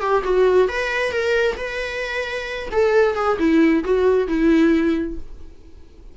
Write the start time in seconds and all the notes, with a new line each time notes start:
0.00 G4
0.23 F#4
0.68 B4
1.11 A#4
1.57 B4
2.71 A4
3.15 G#4
3.38 E4
3.84 F#4
4.27 E4